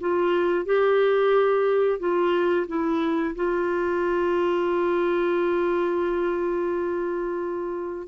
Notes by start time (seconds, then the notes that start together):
0.00 F4
0.66 G4
1.99 F4
2.68 E4
3.36 F4